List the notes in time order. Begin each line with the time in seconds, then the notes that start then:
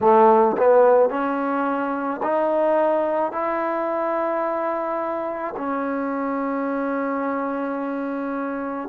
0.01 A3
0.57 B3
1.09 C#4
2.22 D#4
3.32 E4
5.57 C#4